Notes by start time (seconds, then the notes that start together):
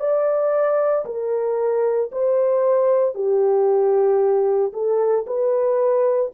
0.00 D5
1.06 A#4
2.12 C5
3.15 G4
4.73 A4
5.27 B4